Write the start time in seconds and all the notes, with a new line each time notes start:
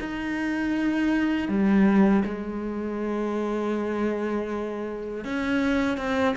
0.00 D#4
1.48 G3
2.25 G#3
5.24 C#4
5.98 C4